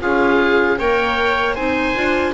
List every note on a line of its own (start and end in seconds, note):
0.00 0.79 C#4
0.00 0.78 F4
0.00 0.79 G#4
0.00 0.80 F5
0.79 1.57 A#3
0.79 1.57 A#4
0.79 1.56 C#5
0.79 1.56 G5
1.56 1.96 C4
1.56 1.95 D#4
1.56 2.33 C5
1.56 2.34 G#5
1.95 2.35 D4
1.95 2.34 F4